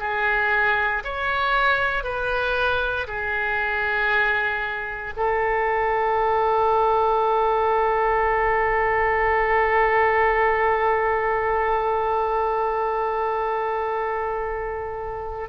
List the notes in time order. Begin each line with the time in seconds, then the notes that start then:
0.00 G#4
1.05 C#5
2.04 B4
3.08 G#4
5.17 A4